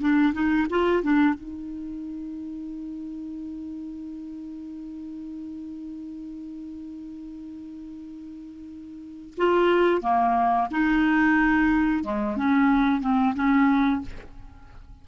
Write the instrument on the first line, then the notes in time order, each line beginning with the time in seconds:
clarinet
0.00 D4
0.33 D#4
0.70 F4
1.03 D4
1.34 D#4
9.37 F4
10.01 A#3
10.71 D#4
12.04 G#3
12.36 C#4
13.01 C4
13.35 C#4